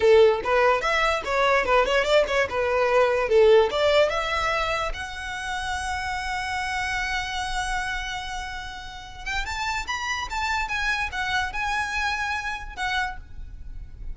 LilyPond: \new Staff \with { instrumentName = "violin" } { \time 4/4 \tempo 4 = 146 a'4 b'4 e''4 cis''4 | b'8 cis''8 d''8 cis''8 b'2 | a'4 d''4 e''2 | fis''1~ |
fis''1~ | fis''2~ fis''8 g''8 a''4 | b''4 a''4 gis''4 fis''4 | gis''2. fis''4 | }